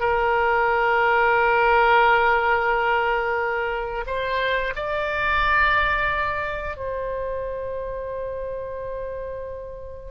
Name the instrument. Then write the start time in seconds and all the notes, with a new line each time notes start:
oboe
0.00 A#4
4.06 C5
4.76 D5
6.77 C5